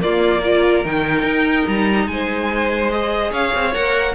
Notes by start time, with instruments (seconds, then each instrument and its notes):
0.00 viola A#3, cello A#3, violin F4 D5
0.41 viola F4, violin A#4
0.84 cello D#3, viola D#4, violin G5
1.23 cello D#4
1.67 cello G3, violin A#5
2.07 cello G#3, violin C5 G#5
2.90 viola G#4, violin D#5
3.32 cello C#4, violin C#5 F5
3.54 cello C4
3.74 cello A#3, viola A#4, violin F#5